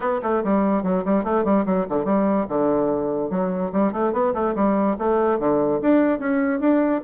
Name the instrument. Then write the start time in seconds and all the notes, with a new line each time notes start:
bassoon
0.00 B3
0.22 A3
0.44 G3
0.83 F#3
1.04 G3
1.24 A3
1.44 G3
1.65 F#3
1.89 D3
2.05 G3
2.48 D3
3.30 F#3
3.72 G3
3.92 A3
4.13 B3
4.34 A3
4.55 G3
4.98 A3
5.39 D3
5.81 D4
6.19 C#4
6.60 D4